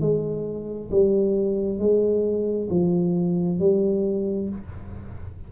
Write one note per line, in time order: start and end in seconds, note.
0.00 0.90 G#3
0.91 1.78 G3
1.78 2.68 G#3
2.70 3.59 F3
3.59 4.48 G3